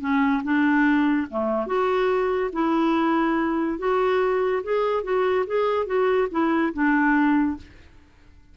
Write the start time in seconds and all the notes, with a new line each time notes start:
0.00 C#4
0.43 D4
1.30 A3
1.66 F#4
2.52 E4
3.78 F#4
4.63 G#4
5.03 F#4
5.46 G#4
5.86 F#4
6.31 E4
6.73 D4